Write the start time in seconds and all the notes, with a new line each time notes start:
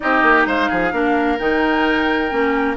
0.00 C4 D#4 G4 D#5
0.22 A#3
0.46 G#3 C5 F5
0.69 F3 G#4
0.92 A#3 D4 A#4
1.38 D#3 D#4 G5
2.30 A#3 C#4